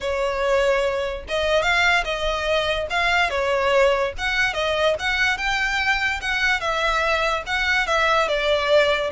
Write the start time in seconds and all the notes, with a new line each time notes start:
0.00 C#5
1.28 D#5
1.62 F5
2.04 D#5
2.89 F5
3.30 C#5
4.17 F#5
4.53 D#5
4.99 F#5
5.37 G5
6.21 F#5
6.60 E5
7.46 F#5
7.86 E5
8.27 D5